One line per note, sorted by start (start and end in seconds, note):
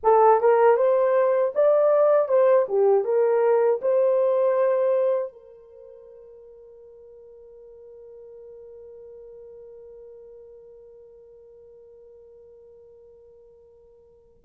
0.03 0.40 A4
0.40 0.76 A#4
0.76 1.52 C5
1.54 2.28 D5
2.28 2.66 C5
2.68 3.04 G4
3.04 3.80 A#4
3.81 5.32 C5
5.32 14.43 A#4